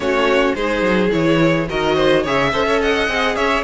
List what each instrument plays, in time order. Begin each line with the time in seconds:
0.00 cello A3, viola C#4, violin F#4 C#5
0.54 cello G#3, viola D#4, violin G#4 C5
0.81 cello F#3
1.10 cello E3, viola E4, violin C#5
1.69 cello D#3, viola F#4, violin A#4 D#5
1.95 violin C5
2.22 cello C#3, viola G#4, violin C#5 E5
2.52 cello C#4, viola A4, violin C5
2.66 violin C#5
2.81 violin D#5 F#5
3.07 cello C4, viola G#4
3.35 cello C#4, violin C#5 E5